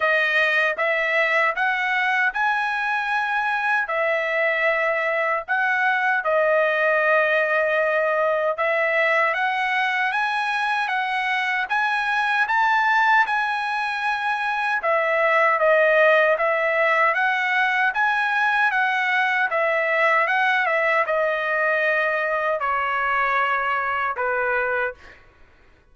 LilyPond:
\new Staff \with { instrumentName = "trumpet" } { \time 4/4 \tempo 4 = 77 dis''4 e''4 fis''4 gis''4~ | gis''4 e''2 fis''4 | dis''2. e''4 | fis''4 gis''4 fis''4 gis''4 |
a''4 gis''2 e''4 | dis''4 e''4 fis''4 gis''4 | fis''4 e''4 fis''8 e''8 dis''4~ | dis''4 cis''2 b'4 | }